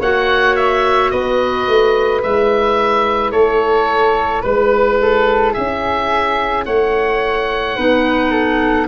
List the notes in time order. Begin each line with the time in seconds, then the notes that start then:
0.00 A#3 F#4 C#5 F#5
0.56 E5
1.11 B3 B4 D#5
1.68 A3
2.22 G#3 E4 E5
3.31 A3 A4 C#5
4.42 G#3 B4
5.02 A4
5.54 C#4 G#4 E5
6.66 A3 C#5 F#5
7.76 B3 D#4 B4
8.31 A4